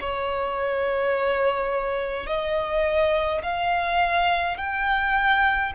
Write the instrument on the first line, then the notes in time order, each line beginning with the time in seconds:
violin
0.00 C#5
2.26 D#5
3.42 F5
4.57 G5